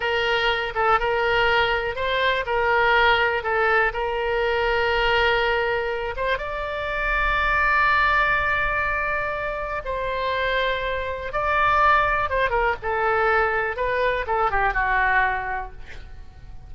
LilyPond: \new Staff \with { instrumentName = "oboe" } { \time 4/4 \tempo 4 = 122 ais'4. a'8 ais'2 | c''4 ais'2 a'4 | ais'1~ | ais'8 c''8 d''2.~ |
d''1 | c''2. d''4~ | d''4 c''8 ais'8 a'2 | b'4 a'8 g'8 fis'2 | }